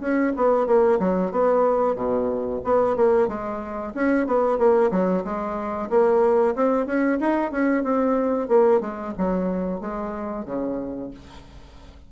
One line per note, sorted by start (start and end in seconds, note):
0.00 0.33 C#4
0.36 0.67 B3
0.67 0.99 A#3
1.00 1.32 F#3
1.32 1.96 B3
1.96 2.61 B2
2.64 2.96 B3
2.96 3.28 A#3
3.28 3.93 G#3
3.95 4.27 C#4
4.27 4.58 B3
4.58 4.91 A#3
4.91 5.24 F#3
5.24 5.89 G#3
5.90 6.55 A#3
6.56 6.86 C4
6.86 7.19 C#4
7.20 7.51 D#4
7.51 7.83 C#4
7.83 8.48 C4
8.48 8.81 A#3
8.81 9.13 G#3
9.18 9.81 F#3
9.81 10.46 G#3
10.46 11.11 C#3